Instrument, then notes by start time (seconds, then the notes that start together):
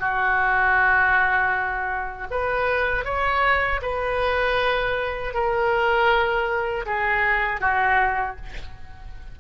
oboe
0.00 F#4
2.31 B4
3.05 C#5
3.83 B4
5.34 A#4
6.86 G#4
7.61 F#4